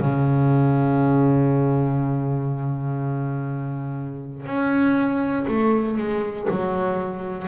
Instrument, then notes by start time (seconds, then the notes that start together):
double bass
0.00 C#3
4.46 C#4
5.48 A3
5.98 G#3
6.50 F#3